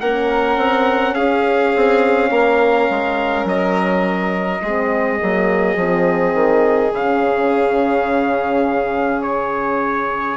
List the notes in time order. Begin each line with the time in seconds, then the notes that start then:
0.00 A#3 C#4 A#4 F#5
0.57 C4
1.14 C#4 G#4 F5
1.75 C4
2.30 A#3 A#4
2.90 G#3
3.44 F#3 D#5
4.62 G#3 C4 G#4
5.19 F#3 A#3
5.76 F3 C4
6.34 D#3
6.93 C#3 C#4 F5
9.22 C#5